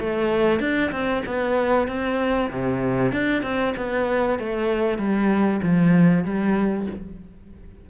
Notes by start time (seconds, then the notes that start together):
0.00 A3
0.60 D4
0.92 C4
1.26 B3
1.88 C4
2.51 C3
3.12 D4
3.43 C4
3.77 B3
4.39 A3
4.98 G3
5.63 F3
6.24 G3